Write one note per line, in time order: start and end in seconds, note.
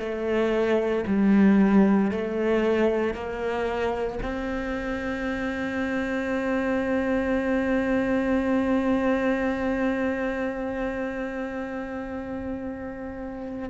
0.00 1.05 A3
1.08 2.11 G3
2.11 3.14 A3
3.14 4.20 A#3
4.23 13.70 C4